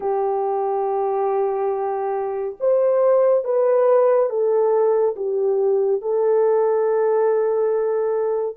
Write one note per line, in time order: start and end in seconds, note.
0.00 2.56 G4
2.59 3.44 C5
3.44 4.29 B4
4.29 5.15 A4
5.16 6.01 G4
6.01 8.56 A4